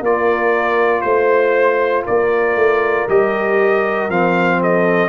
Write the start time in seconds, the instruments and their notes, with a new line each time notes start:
0.00 tuba A#3, trombone F4, horn A#4, trumpet D5
1.01 tuba A3, trumpet C5, horn C5
2.04 tuba A#3, horn A#4, trumpet D5
2.56 tuba A3
3.09 tuba G3, trombone G4, trumpet D#5
4.09 tuba F3, trombone C4, trumpet F5
4.60 horn A4, trumpet D#5